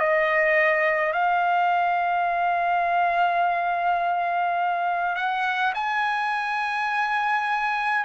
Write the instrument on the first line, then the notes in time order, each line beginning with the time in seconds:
trumpet
0.00 D#5
1.13 F5
5.16 F#5
5.74 G#5